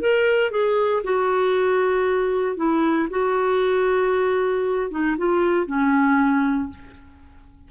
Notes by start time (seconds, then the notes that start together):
0.00 A#4
0.51 G#4
1.04 F#4
2.57 E4
3.10 F#4
4.91 D#4
5.18 F4
5.66 C#4